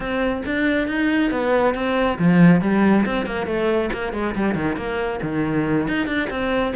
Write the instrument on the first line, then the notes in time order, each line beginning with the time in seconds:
cello
0.00 C4
0.45 D4
0.87 D#4
1.31 B3
1.74 C4
2.18 F3
2.61 G3
3.05 C4
3.25 A#3
3.46 A3
3.92 A#3
4.13 G#3
4.35 G3
4.54 D#3
4.76 A#3
5.22 D#3
5.87 D#4
6.06 D4
6.30 C4